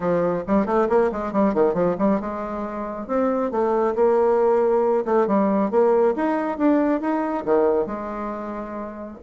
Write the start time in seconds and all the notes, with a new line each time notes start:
0.00 F3
0.47 G3
0.66 A3
0.89 A#3
1.11 G#3
1.32 G3
1.53 D#3
1.74 F3
1.98 G3
2.20 G#3
3.07 C4
3.51 A3
3.95 A#3
5.05 A3
5.27 G3
5.70 A#3
6.16 D#4
6.58 D4
7.00 D#4
7.45 D#3
7.86 G#3